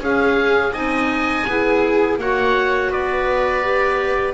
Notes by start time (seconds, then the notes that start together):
0.00 C#4 G#4 F5
0.73 C4 D#4 D#5 G#5
1.46 B3 E4 G#4
2.17 A#3 F#4 C#5 F#5
2.90 B3 B4 D5
3.62 G4